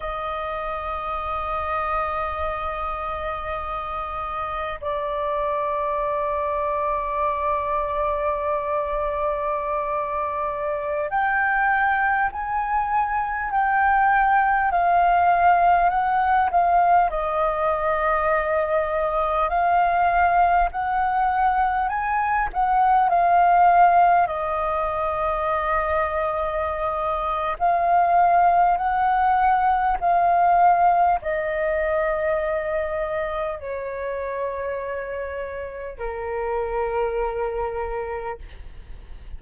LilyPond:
\new Staff \with { instrumentName = "flute" } { \time 4/4 \tempo 4 = 50 dis''1 | d''1~ | d''4~ d''16 g''4 gis''4 g''8.~ | g''16 f''4 fis''8 f''8 dis''4.~ dis''16~ |
dis''16 f''4 fis''4 gis''8 fis''8 f''8.~ | f''16 dis''2~ dis''8. f''4 | fis''4 f''4 dis''2 | cis''2 ais'2 | }